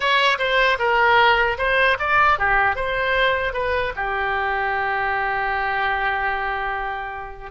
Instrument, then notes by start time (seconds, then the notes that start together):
oboe
0.00 C#5
0.38 C5
0.78 A#4
1.58 C5
1.99 D5
2.39 G4
2.75 C5
3.53 B4
3.95 G4